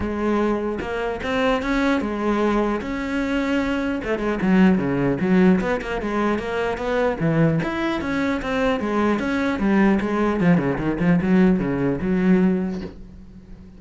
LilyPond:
\new Staff \with { instrumentName = "cello" } { \time 4/4 \tempo 4 = 150 gis2 ais4 c'4 | cis'4 gis2 cis'4~ | cis'2 a8 gis8 fis4 | cis4 fis4 b8 ais8 gis4 |
ais4 b4 e4 e'4 | cis'4 c'4 gis4 cis'4 | g4 gis4 f8 cis8 dis8 f8 | fis4 cis4 fis2 | }